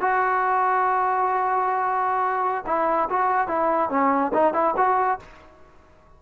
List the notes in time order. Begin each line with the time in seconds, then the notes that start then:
0.00 F#4
2.66 E4
3.09 F#4
3.47 E4
3.89 C#4
4.33 D#4
4.53 E4
4.77 F#4